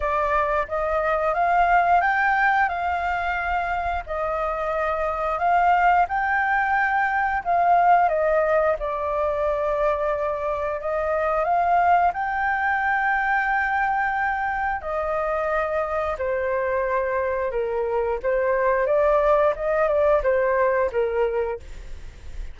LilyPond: \new Staff \with { instrumentName = "flute" } { \time 4/4 \tempo 4 = 89 d''4 dis''4 f''4 g''4 | f''2 dis''2 | f''4 g''2 f''4 | dis''4 d''2. |
dis''4 f''4 g''2~ | g''2 dis''2 | c''2 ais'4 c''4 | d''4 dis''8 d''8 c''4 ais'4 | }